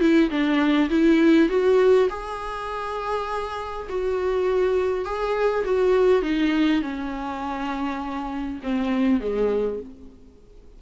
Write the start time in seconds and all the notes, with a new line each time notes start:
0.00 E4
0.30 D4
0.89 E4
1.49 F#4
2.09 G#4
3.89 F#4
5.05 G#4
5.64 F#4
6.22 D#4
6.82 C#4
8.63 C4
9.20 G#3